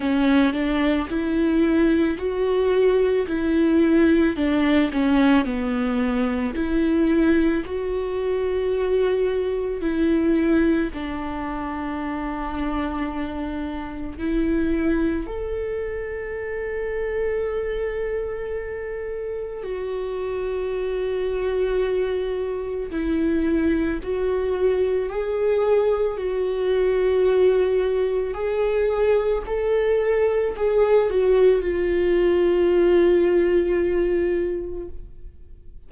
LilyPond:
\new Staff \with { instrumentName = "viola" } { \time 4/4 \tempo 4 = 55 cis'8 d'8 e'4 fis'4 e'4 | d'8 cis'8 b4 e'4 fis'4~ | fis'4 e'4 d'2~ | d'4 e'4 a'2~ |
a'2 fis'2~ | fis'4 e'4 fis'4 gis'4 | fis'2 gis'4 a'4 | gis'8 fis'8 f'2. | }